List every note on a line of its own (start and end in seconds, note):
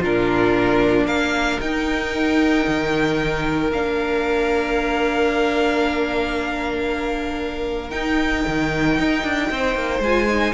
0.00 1.05 A#2
0.00 1.62 D4
0.00 1.05 F4
0.00 1.07 A#4
1.05 1.58 A#3
1.05 9.49 A#4
1.05 1.60 F5
1.61 2.66 D#4
1.61 3.72 D#4
1.61 3.71 G5
2.67 3.71 D#3
3.71 7.92 A#3
3.71 7.90 D4
3.71 7.90 F5
7.90 10.01 D#4
7.90 8.45 D#4
7.90 10.01 G5
8.47 8.99 D#3
8.99 9.24 D#4
9.24 9.50 D4
9.51 9.75 C4
9.51 10.54 C5
9.75 10.00 A#3
10.00 10.52 G#3
10.00 10.27 F4
10.00 10.54 G#5
10.27 10.54 D#4